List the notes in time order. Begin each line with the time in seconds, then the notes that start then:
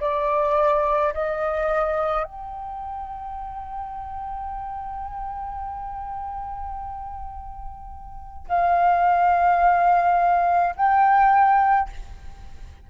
0.00 D5
1.13 D#5
2.23 G5
8.48 F5
10.75 G5